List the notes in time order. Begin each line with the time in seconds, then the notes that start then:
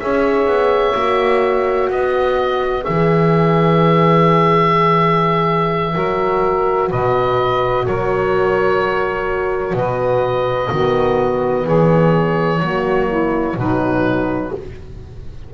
0.00 C#4 G#4 C#5 E5
0.46 B3
0.95 A#3 F#4
1.90 B3 B4 D#5
2.83 E3 G#4 E5
5.94 F#3 F#4 A#4
6.89 B2 B4 D#5
7.86 F#3 A#4 C#5
9.74 B2 B4 D#5
10.70 D#3 B3 F#4
11.65 E3 G#4 C#5
12.61 F#3 A#3 F#4
13.09 E4
13.57 B2 F#3 D#4 B4